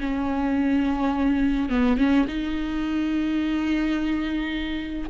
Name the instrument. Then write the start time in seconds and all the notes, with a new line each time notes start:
viola
0.00 C#4
1.69 B3
1.97 C#4
2.27 D#4